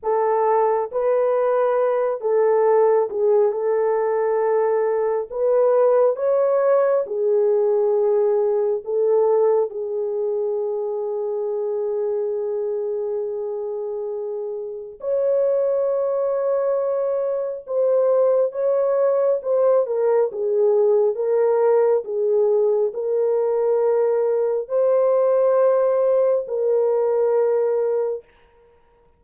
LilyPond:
\new Staff \with { instrumentName = "horn" } { \time 4/4 \tempo 4 = 68 a'4 b'4. a'4 gis'8 | a'2 b'4 cis''4 | gis'2 a'4 gis'4~ | gis'1~ |
gis'4 cis''2. | c''4 cis''4 c''8 ais'8 gis'4 | ais'4 gis'4 ais'2 | c''2 ais'2 | }